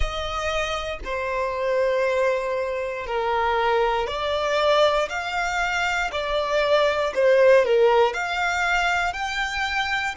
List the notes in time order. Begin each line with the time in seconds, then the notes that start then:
0.00 D#5
1.04 C5
3.06 A#4
4.07 D5
5.09 F5
6.11 D5
7.14 C5
7.65 A#4
8.13 F5
9.13 G5